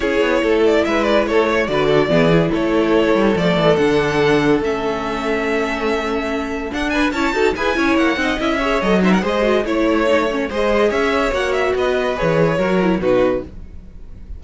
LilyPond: <<
  \new Staff \with { instrumentName = "violin" } { \time 4/4 \tempo 4 = 143 cis''4. d''8 e''8 d''8 cis''4 | d''2 cis''2 | d''4 fis''2 e''4~ | e''1 |
fis''8 gis''8 a''4 gis''4 fis''4 | e''4 dis''8 e''16 fis''16 dis''4 cis''4~ | cis''4 dis''4 e''4 fis''8 e''8 | dis''4 cis''2 b'4 | }
  \new Staff \with { instrumentName = "violin" } { \time 4/4 gis'4 a'4 b'4 a'8 cis''8 | b'8 a'8 gis'4 a'2~ | a'1~ | a'1~ |
a'8 b'8 cis''8 a'8 b'8 cis''4 dis''8~ | dis''8 cis''4 c''16 ais'16 c''4 cis''4~ | cis''4 c''4 cis''2 | b'2 ais'4 fis'4 | }
  \new Staff \with { instrumentName = "viola" } { \time 4/4 e'1 | fis'4 b8 e'2~ e'8 | a4 d'2 cis'4~ | cis'1 |
d'4 e'8 fis'8 gis'8 e'4 dis'8 | e'8 gis'8 a'8 dis'8 gis'8 fis'8 e'4 | dis'8 cis'8 gis'2 fis'4~ | fis'4 gis'4 fis'8 e'8 dis'4 | }
  \new Staff \with { instrumentName = "cello" } { \time 4/4 cis'8 b8 a4 gis4 a4 | d4 e4 a4. g8 | f8 e8 d2 a4~ | a1 |
d'4 cis'8 dis'8 e'8 cis'8 ais8 c'8 | cis'4 fis4 gis4 a4~ | a4 gis4 cis'4 ais4 | b4 e4 fis4 b,4 | }
>>